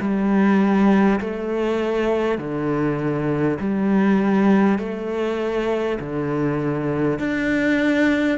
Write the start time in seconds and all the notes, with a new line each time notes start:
0.00 G3
1.20 A3
2.38 D3
3.60 G3
4.78 A3
6.00 D3
7.19 D4